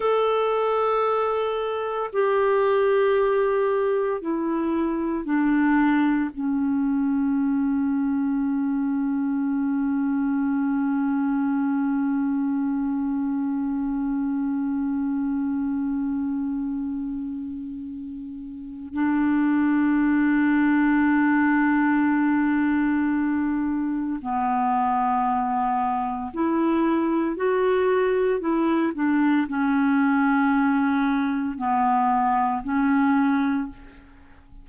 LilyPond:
\new Staff \with { instrumentName = "clarinet" } { \time 4/4 \tempo 4 = 57 a'2 g'2 | e'4 d'4 cis'2~ | cis'1~ | cis'1~ |
cis'2 d'2~ | d'2. b4~ | b4 e'4 fis'4 e'8 d'8 | cis'2 b4 cis'4 | }